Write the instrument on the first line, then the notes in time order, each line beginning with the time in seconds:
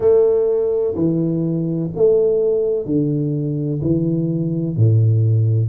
tuba
0.00 A3
0.94 E3
1.95 A3
2.85 D3
3.81 E3
4.76 A2